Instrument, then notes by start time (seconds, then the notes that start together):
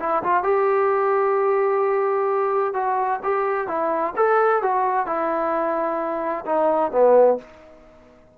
trombone
0.00 E4
0.23 F4
0.44 G4
2.74 F#4
3.24 G4
3.68 E4
4.17 A4
4.63 F#4
5.07 E4
6.46 D#4
6.92 B3